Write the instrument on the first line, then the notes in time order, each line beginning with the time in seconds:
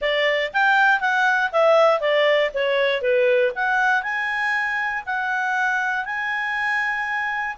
clarinet
0.01 D5
0.53 G5
1.00 F#5
1.52 E5
2.00 D5
2.53 C#5
3.01 B4
3.55 F#5
4.02 G#5
5.06 F#5
6.05 G#5